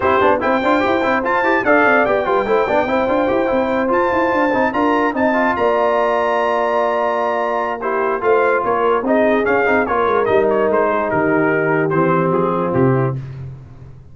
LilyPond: <<
  \new Staff \with { instrumentName = "trumpet" } { \time 4/4 \tempo 4 = 146 c''4 g''2 a''4 | f''4 g''2.~ | g''4. a''2 ais''8~ | ais''8 a''4 ais''2~ ais''8~ |
ais''2. c''4 | f''4 cis''4 dis''4 f''4 | cis''4 dis''8 cis''8 c''4 ais'4~ | ais'4 c''4 gis'4 g'4 | }
  \new Staff \with { instrumentName = "horn" } { \time 4/4 g'4 c''2. | d''4. b'8 c''8 d''8 c''4~ | c''2.~ c''8 ais'8~ | ais'8 dis''4 d''2~ d''8~ |
d''2. g'4 | c''4 ais'4 gis'2 | ais'2~ ais'8 gis'8 g'4~ | g'2~ g'8 f'4 e'8 | }
  \new Staff \with { instrumentName = "trombone" } { \time 4/4 e'8 d'8 e'8 f'8 g'8 e'8 f'8 g'8 | a'4 g'8 f'8 e'8 d'8 e'8 f'8 | g'8 e'4 f'4. dis'8 f'8~ | f'8 dis'8 f'2.~ |
f'2. e'4 | f'2 dis'4 cis'8 dis'8 | f'4 dis'2.~ | dis'4 c'2. | }
  \new Staff \with { instrumentName = "tuba" } { \time 4/4 c'8 b8 c'8 d'8 e'8 c'8 f'8 e'8 | d'8 c'8 b8 g8 a8 b8 c'8 d'8 | e'8 c'4 f'8 e'8 d'8 c'8 d'8~ | d'8 c'4 ais2~ ais8~ |
ais1 | a4 ais4 c'4 cis'8 c'8 | ais8 gis8 g4 gis4 dis4~ | dis4 e4 f4 c4 | }
>>